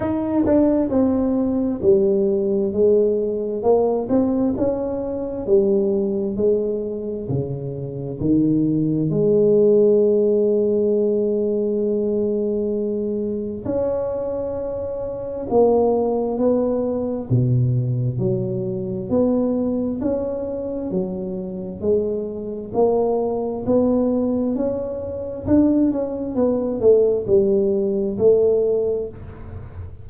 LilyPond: \new Staff \with { instrumentName = "tuba" } { \time 4/4 \tempo 4 = 66 dis'8 d'8 c'4 g4 gis4 | ais8 c'8 cis'4 g4 gis4 | cis4 dis4 gis2~ | gis2. cis'4~ |
cis'4 ais4 b4 b,4 | fis4 b4 cis'4 fis4 | gis4 ais4 b4 cis'4 | d'8 cis'8 b8 a8 g4 a4 | }